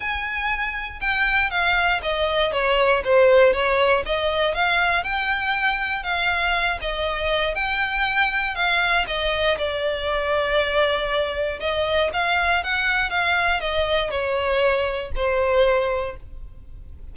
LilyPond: \new Staff \with { instrumentName = "violin" } { \time 4/4 \tempo 4 = 119 gis''2 g''4 f''4 | dis''4 cis''4 c''4 cis''4 | dis''4 f''4 g''2 | f''4. dis''4. g''4~ |
g''4 f''4 dis''4 d''4~ | d''2. dis''4 | f''4 fis''4 f''4 dis''4 | cis''2 c''2 | }